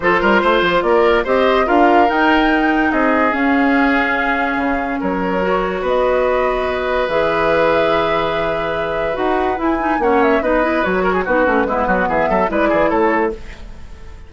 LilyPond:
<<
  \new Staff \with { instrumentName = "flute" } { \time 4/4 \tempo 4 = 144 c''2 d''4 dis''4 | f''4 g''2 dis''4 | f''1 | cis''2 dis''2~ |
dis''4 e''2.~ | e''2 fis''4 gis''4 | fis''8 e''8 dis''4 cis''4 b'4~ | b'4 e''4 d''4 cis''4 | }
  \new Staff \with { instrumentName = "oboe" } { \time 4/4 a'8 ais'8 c''4 ais'4 c''4 | ais'2. gis'4~ | gis'1 | ais'2 b'2~ |
b'1~ | b'1 | cis''4 b'4. ais'16 gis'16 fis'4 | e'8 fis'8 gis'8 a'8 b'8 gis'8 a'4 | }
  \new Staff \with { instrumentName = "clarinet" } { \time 4/4 f'2. g'4 | f'4 dis'2. | cis'1~ | cis'4 fis'2.~ |
fis'4 gis'2.~ | gis'2 fis'4 e'8 dis'8 | cis'4 dis'8 e'8 fis'4 dis'8 cis'8 | b2 e'2 | }
  \new Staff \with { instrumentName = "bassoon" } { \time 4/4 f8 g8 a8 f8 ais4 c'4 | d'4 dis'2 c'4 | cis'2. cis4 | fis2 b2~ |
b4 e2.~ | e2 dis'4 e'4 | ais4 b4 fis4 b8 a8 | gis8 fis8 e8 fis8 gis8 e8 a4 | }
>>